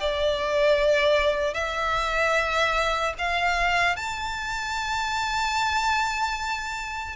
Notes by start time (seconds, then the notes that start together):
0.00 D5
1.53 E5
3.18 F5
3.96 A5